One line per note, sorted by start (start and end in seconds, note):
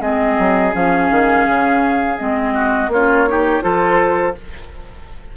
0.00 0.36 G#3
0.00 0.72 C4
0.00 2.53 G#4
0.00 0.73 D#5
0.38 0.74 F#3
0.72 1.10 F3
0.72 2.16 C#4
0.72 2.18 F5
1.10 1.46 D#3
1.46 2.18 C#3
2.17 2.88 G#3
2.17 2.89 C4
2.17 2.90 D#5
2.53 2.89 F#4
2.88 3.60 A#3
2.88 3.28 F4
2.88 3.62 C#5
2.94 3.27 C#4
3.27 3.61 D#4
3.27 3.63 G4
3.61 4.36 F3
3.61 4.33 F4
3.61 4.35 A4
3.61 4.34 C5